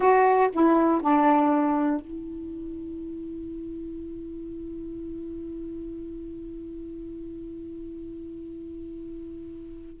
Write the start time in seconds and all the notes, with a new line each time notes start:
0.00 F#4
0.52 E4
1.00 D4
2.00 E4